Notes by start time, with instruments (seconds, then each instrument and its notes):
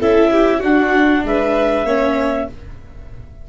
0.00 tuba C#4, viola E4, violin A4, clarinet E5
0.31 violin G4
0.60 tuba D4, viola D4, violin F#4, clarinet F#5
1.24 tuba G#3, violin B4, clarinet E5
1.84 tuba A#3, viola C#4, violin C#5